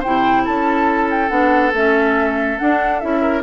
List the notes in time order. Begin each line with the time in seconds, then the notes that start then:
0.00 E4 C5 G5
0.06 C3
0.45 C#4 A4 A5
1.11 G5
1.30 B3 D4 F#5
1.74 A3 C#4 E5
2.59 D4 F#5
2.99 C#4 E4 E5
3.22 A#4